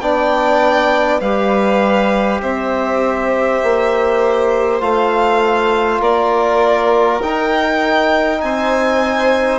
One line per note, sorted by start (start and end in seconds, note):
0.00 1.21 B3
0.00 1.22 D4
0.00 1.22 D5
0.00 1.20 G5
1.21 2.41 G3
1.21 4.81 G4
1.21 2.42 B4
1.21 2.41 F5
2.41 3.61 C4
2.41 6.00 C5
2.41 4.82 E5
3.63 4.81 A#3
4.81 6.00 A3
4.81 7.21 F4
4.81 6.02 F5
6.00 7.21 A#3
6.00 8.40 A#4
6.00 7.22 D5
7.22 9.59 D#4
7.22 8.43 D#4
7.22 8.41 G5
8.41 9.59 C4
8.41 9.59 C5
8.41 9.59 G#5